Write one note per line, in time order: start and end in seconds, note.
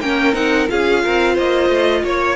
0.00 0.34 A#3
0.00 0.33 C#4
0.00 0.71 A#4
0.00 0.34 G5
0.33 0.68 C4
0.33 0.67 D#4
0.33 0.68 F#5
0.67 1.05 C#4
0.67 2.36 F4
0.67 1.04 G#4
0.67 1.37 F5
1.04 1.38 C4
1.04 1.33 A#4
1.33 1.69 A#3
1.33 2.01 C5
1.33 2.05 D#5
1.69 2.03 A3
2.04 2.36 A#3
2.04 2.36 C#5